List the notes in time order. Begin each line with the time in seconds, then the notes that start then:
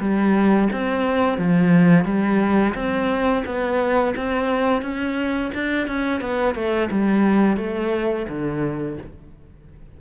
0.00 G3
0.73 C4
1.38 F3
2.05 G3
2.75 C4
3.46 B3
4.17 C4
4.82 C#4
5.55 D4
5.87 C#4
6.21 B3
6.55 A3
6.91 G3
7.57 A3
8.29 D3